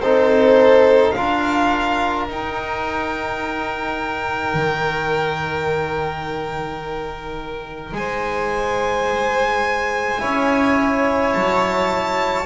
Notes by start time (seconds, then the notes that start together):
0.00 C4 D#4 A4 C5
1.10 D4 F5
1.17 F4 A#4
2.28 D#4 G5
4.54 D#3
7.92 G#3 C5 G#5
10.18 C#4 E4 C#5
11.33 F#3 A5